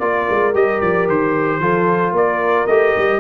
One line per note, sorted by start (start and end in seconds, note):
0.00 0.27 A#3
0.00 0.54 F4
0.00 1.61 A#4
0.00 0.54 D5
0.30 0.55 G#3
0.54 0.82 G3
0.54 1.61 G4
0.54 0.81 D#5
0.81 1.08 F3
0.81 1.08 D5
1.08 1.60 D#3
1.08 2.17 C5
1.60 2.12 F3
1.60 2.69 F4
1.60 2.15 A4
2.12 2.66 A#3
2.12 3.21 A#4
2.12 2.67 D5
2.67 2.95 A3
2.67 3.21 G4
2.67 3.21 D#5
2.98 3.21 G3